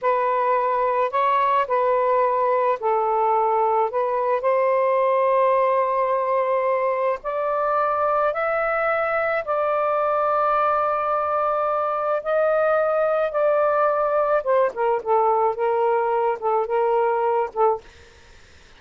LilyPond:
\new Staff \with { instrumentName = "saxophone" } { \time 4/4 \tempo 4 = 108 b'2 cis''4 b'4~ | b'4 a'2 b'4 | c''1~ | c''4 d''2 e''4~ |
e''4 d''2.~ | d''2 dis''2 | d''2 c''8 ais'8 a'4 | ais'4. a'8 ais'4. a'8 | }